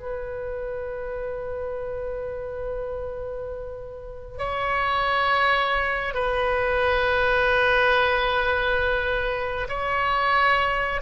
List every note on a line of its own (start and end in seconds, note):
0.00 4.38 B4
4.38 6.14 C#5
6.14 9.67 B4
9.69 11.01 C#5